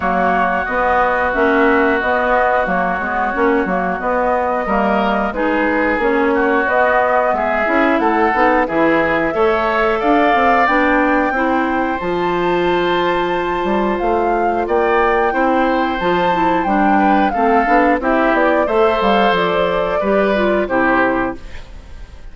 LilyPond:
<<
  \new Staff \with { instrumentName = "flute" } { \time 4/4 \tempo 4 = 90 cis''4 dis''4 e''4 dis''4 | cis''2 dis''2 | b'4 cis''4 dis''4 e''4 | fis''4 e''2 f''4 |
g''2 a''2~ | a''4 f''4 g''2 | a''4 g''4 f''4 e''8 d''8 | e''8 f''8 d''2 c''4 | }
  \new Staff \with { instrumentName = "oboe" } { \time 4/4 fis'1~ | fis'2. ais'4 | gis'4. fis'4. gis'4 | a'4 gis'4 cis''4 d''4~ |
d''4 c''2.~ | c''2 d''4 c''4~ | c''4. b'8 a'4 g'4 | c''2 b'4 g'4 | }
  \new Staff \with { instrumentName = "clarinet" } { \time 4/4 ais4 b4 cis'4 b4 | ais8 b8 cis'8 ais8 b4 ais4 | dis'4 cis'4 b4. e'8~ | e'8 dis'8 e'4 a'2 |
d'4 e'4 f'2~ | f'2. e'4 | f'8 e'8 d'4 c'8 d'8 e'4 | a'2 g'8 f'8 e'4 | }
  \new Staff \with { instrumentName = "bassoon" } { \time 4/4 fis4 b4 ais4 b4 | fis8 gis8 ais8 fis8 b4 g4 | gis4 ais4 b4 gis8 cis'8 | a8 b8 e4 a4 d'8 c'8 |
b4 c'4 f2~ | f8 g8 a4 ais4 c'4 | f4 g4 a8 b8 c'8 b8 | a8 g8 f4 g4 c4 | }
>>